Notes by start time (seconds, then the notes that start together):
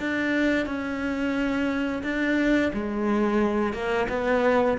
0.00 D4
0.67 C#4
2.04 D4
2.74 G#3
3.73 A#3
4.09 B3